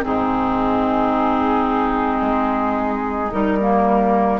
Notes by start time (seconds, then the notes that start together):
0.00 G#2 C4 D#4 G#4
2.21 G#3
3.30 G3 D#4 A#4
3.60 A#3